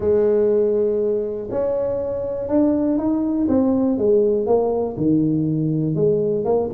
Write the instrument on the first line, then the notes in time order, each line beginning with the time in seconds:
tuba
0.00 G#3
1.50 C#4
2.48 D4
2.98 D#4
3.48 C4
3.98 G#3
4.46 A#3
4.96 D#3
5.95 G#3
6.44 A#3